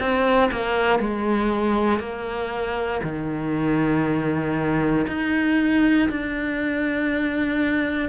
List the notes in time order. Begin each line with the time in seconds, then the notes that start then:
0.00 C4
0.51 A#3
1.00 G#3
1.99 A#3
3.03 D#3
5.07 D#4
6.10 D4